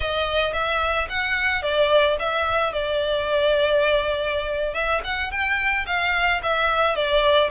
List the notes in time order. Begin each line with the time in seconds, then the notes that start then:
0.00 D#5
0.53 E5
1.09 F#5
1.62 D5
2.19 E5
2.72 D5
4.73 E5
5.04 F#5
5.31 G5
5.86 F5
6.42 E5
6.95 D5